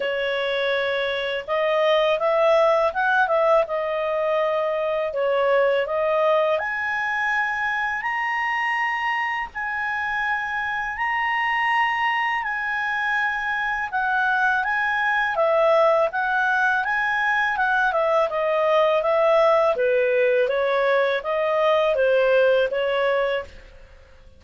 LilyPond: \new Staff \with { instrumentName = "clarinet" } { \time 4/4 \tempo 4 = 82 cis''2 dis''4 e''4 | fis''8 e''8 dis''2 cis''4 | dis''4 gis''2 ais''4~ | ais''4 gis''2 ais''4~ |
ais''4 gis''2 fis''4 | gis''4 e''4 fis''4 gis''4 | fis''8 e''8 dis''4 e''4 b'4 | cis''4 dis''4 c''4 cis''4 | }